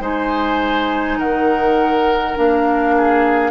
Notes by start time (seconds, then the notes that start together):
0.00 G#3 D#4 C5 G#5
1.17 D#3 A#4 F#5
2.35 A#3 D4 F5
2.97 G#4